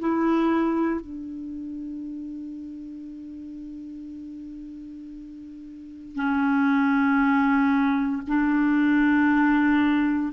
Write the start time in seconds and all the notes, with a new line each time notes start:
0.00 E4
1.01 D4
6.16 C#4
8.28 D4